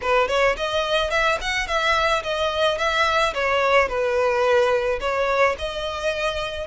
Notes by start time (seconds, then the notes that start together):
0.01 B4
0.28 C#5
0.56 D#5
1.10 E5
1.41 F#5
1.67 E5
2.23 D#5
2.78 E5
3.33 C#5
3.88 B4
5.00 C#5
5.58 D#5